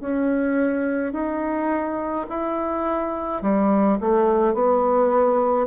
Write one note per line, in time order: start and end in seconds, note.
0.00 1.12 C#4
1.12 2.25 D#4
2.29 3.42 E4
3.42 3.98 G3
4.00 4.54 A3
4.54 5.67 B3